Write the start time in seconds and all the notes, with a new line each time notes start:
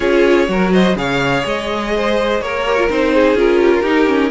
0.00 C#4 F4 G#4 C#5
0.46 F#3 F#4 A#4
0.72 C5 D#5
0.95 C#3 G#4 C#5 F5
1.45 G#3 D#5
1.95 C5
2.40 A#3 A#4 C#5
2.66 G4
2.77 F4
2.89 C4 D#4 C5
3.14 G#4
3.34 C#4 F4 A#4
3.61 G4
3.73 F4
3.81 D#4 G4
4.06 C#4